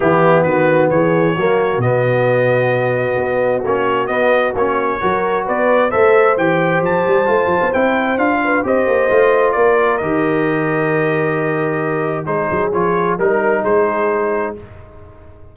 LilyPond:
<<
  \new Staff \with { instrumentName = "trumpet" } { \time 4/4 \tempo 4 = 132 g'4 b'4 cis''2 | dis''1 | cis''4 dis''4 cis''2 | d''4 e''4 g''4 a''4~ |
a''4 g''4 f''4 dis''4~ | dis''4 d''4 dis''2~ | dis''2. c''4 | cis''4 ais'4 c''2 | }
  \new Staff \with { instrumentName = "horn" } { \time 4/4 e'4 fis'4 gis'4 fis'4~ | fis'1~ | fis'2. ais'4 | b'4 c''2.~ |
c''2~ c''8 b'8 c''4~ | c''4 ais'2.~ | ais'2. gis'4~ | gis'4 ais'4 gis'2 | }
  \new Staff \with { instrumentName = "trombone" } { \time 4/4 b2. ais4 | b1 | cis'4 b4 cis'4 fis'4~ | fis'4 a'4 g'2 |
f'4 e'4 f'4 g'4 | f'2 g'2~ | g'2. dis'4 | f'4 dis'2. | }
  \new Staff \with { instrumentName = "tuba" } { \time 4/4 e4 dis4 e4 fis4 | b,2. b4 | ais4 b4 ais4 fis4 | b4 a4 e4 f8 g8 |
a8 f16 b16 c'4 d'4 c'8 ais8 | a4 ais4 dis2~ | dis2. gis8 fis8 | f4 g4 gis2 | }
>>